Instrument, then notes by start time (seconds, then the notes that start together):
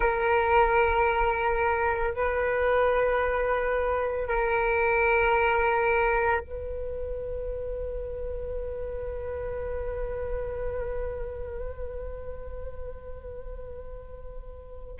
flute
0.00 A#4
2.14 B4
4.28 A#4
6.40 B4